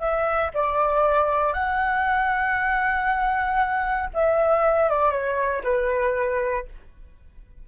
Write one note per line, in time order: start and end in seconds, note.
0.00 0.51 E5
0.54 1.54 D5
1.54 4.10 F#5
4.14 4.90 E5
4.90 5.11 D5
5.11 5.63 C#5
5.64 6.66 B4